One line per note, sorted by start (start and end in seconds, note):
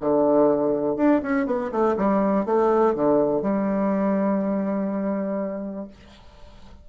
0.00 0.96 D3
0.96 1.21 D4
1.22 1.46 C#4
1.46 1.71 B3
1.71 1.95 A3
1.97 2.45 G3
2.45 2.94 A3
2.94 3.41 D3
3.41 5.87 G3